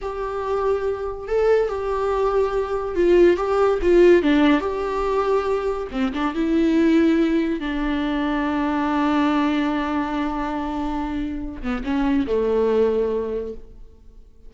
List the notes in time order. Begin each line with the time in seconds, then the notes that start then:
0.01 G4
1.27 A4
1.68 G4
2.95 F4
3.36 G4
3.82 F4
4.22 D4
4.60 G4
5.91 C4
6.13 D4
6.34 E4
7.60 D4
11.62 B3
11.84 C#4
12.27 A3